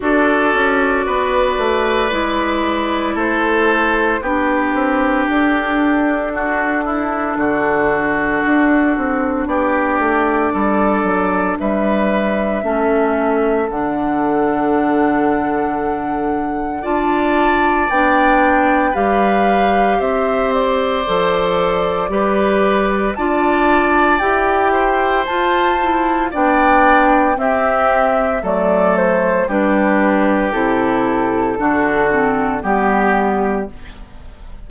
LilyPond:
<<
  \new Staff \with { instrumentName = "flute" } { \time 4/4 \tempo 4 = 57 d''2. c''4 | b'4 a'2.~ | a'4 d''2 e''4~ | e''4 fis''2. |
a''4 g''4 f''4 e''8 d''8~ | d''2 a''4 g''4 | a''4 g''4 e''4 d''8 c''8 | b'4 a'2 g'4 | }
  \new Staff \with { instrumentName = "oboe" } { \time 4/4 a'4 b'2 a'4 | g'2 fis'8 e'8 fis'4~ | fis'4 g'4 a'4 b'4 | a'1 |
d''2 b'4 c''4~ | c''4 b'4 d''4. c''8~ | c''4 d''4 g'4 a'4 | g'2 fis'4 g'4 | }
  \new Staff \with { instrumentName = "clarinet" } { \time 4/4 fis'2 e'2 | d'1~ | d'1 | cis'4 d'2. |
f'4 d'4 g'2 | a'4 g'4 f'4 g'4 | f'8 e'8 d'4 c'4 a4 | d'4 e'4 d'8 c'8 b4 | }
  \new Staff \with { instrumentName = "bassoon" } { \time 4/4 d'8 cis'8 b8 a8 gis4 a4 | b8 c'8 d'2 d4 | d'8 c'8 b8 a8 g8 fis8 g4 | a4 d2. |
d'4 b4 g4 c'4 | f4 g4 d'4 e'4 | f'4 b4 c'4 fis4 | g4 c4 d4 g4 | }
>>